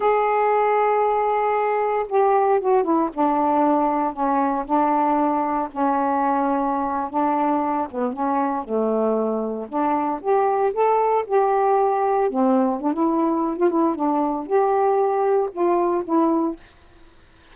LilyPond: \new Staff \with { instrumentName = "saxophone" } { \time 4/4 \tempo 4 = 116 gis'1 | g'4 fis'8 e'8 d'2 | cis'4 d'2 cis'4~ | cis'4.~ cis'16 d'4. b8 cis'16~ |
cis'8. a2 d'4 g'16~ | g'8. a'4 g'2 c'16~ | c'8. d'16 e'4~ e'16 f'16 e'8 d'4 | g'2 f'4 e'4 | }